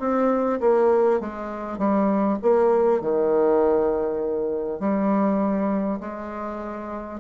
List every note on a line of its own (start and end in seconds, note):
0.00 0.60 C4
0.61 1.21 A#3
1.21 1.79 G#3
1.79 2.39 G3
2.42 3.01 A#3
3.01 4.80 D#3
4.80 6.00 G3
6.01 7.20 G#3